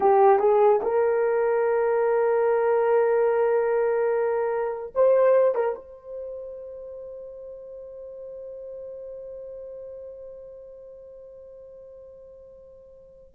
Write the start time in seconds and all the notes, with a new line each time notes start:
0.00 G4
0.39 G#4
0.82 A#4
4.94 C5
5.54 A#4
5.75 C5